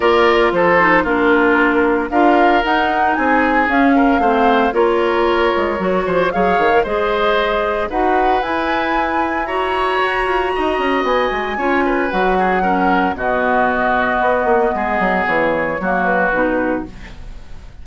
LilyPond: <<
  \new Staff \with { instrumentName = "flute" } { \time 4/4 \tempo 4 = 114 d''4 c''4 ais'2 | f''4 fis''4 gis''4 f''4~ | f''4 cis''2. | f''4 dis''2 fis''4 |
gis''2 ais''2~ | ais''4 gis''2 fis''4~ | fis''4 dis''2.~ | dis''4 cis''4. b'4. | }
  \new Staff \with { instrumentName = "oboe" } { \time 4/4 ais'4 a'4 f'2 | ais'2 gis'4. ais'8 | c''4 ais'2~ ais'8 c''8 | cis''4 c''2 b'4~ |
b'2 cis''2 | dis''2 cis''8 b'4 gis'8 | ais'4 fis'2. | gis'2 fis'2 | }
  \new Staff \with { instrumentName = "clarinet" } { \time 4/4 f'4. dis'8 d'2 | f'4 dis'2 cis'4 | c'4 f'2 fis'4 | gis'8. ais'16 gis'2 fis'4 |
e'2 fis'2~ | fis'2 f'4 fis'4 | cis'4 b2.~ | b2 ais4 dis'4 | }
  \new Staff \with { instrumentName = "bassoon" } { \time 4/4 ais4 f4 ais2 | d'4 dis'4 c'4 cis'4 | a4 ais4. gis8 fis8 f8 | fis8 dis8 gis2 dis'4 |
e'2. fis'8 f'8 | dis'8 cis'8 b8 gis8 cis'4 fis4~ | fis4 b,2 b8 ais8 | gis8 fis8 e4 fis4 b,4 | }
>>